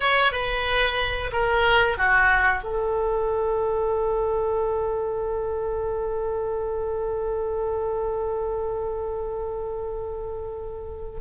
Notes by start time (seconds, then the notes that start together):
0.00 C#5
0.31 B4
1.32 A#4
1.97 F#4
2.63 A4